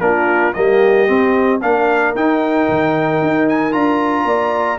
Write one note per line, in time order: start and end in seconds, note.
0.00 0.53 A#3
0.00 0.54 D4
0.00 0.55 F4
0.00 0.53 A#4
0.53 1.09 G3
0.53 1.07 A#3
0.53 1.61 G4
0.53 1.60 D#5
1.07 1.60 C4
1.07 1.62 C4
1.61 2.15 A#3
1.61 2.15 D4
1.61 4.26 A#4
1.61 2.14 F5
2.15 2.68 D#4
2.15 3.72 D#4
2.15 3.48 G5
2.68 3.22 D#3
3.22 3.74 D#4
3.48 3.72 G#5
3.72 4.25 D4
3.72 4.78 F4
3.72 4.79 A#5
4.25 4.78 A#3
4.25 4.79 D5